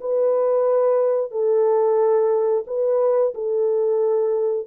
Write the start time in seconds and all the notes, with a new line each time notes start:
0.00 B4
1.31 A4
2.67 B4
3.34 A4